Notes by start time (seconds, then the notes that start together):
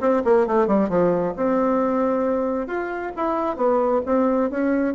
0.00 C4
0.24 A#3
0.46 A3
0.67 G3
0.89 F3
1.36 C4
2.67 F4
3.16 E4
3.56 B3
4.05 C4
4.50 C#4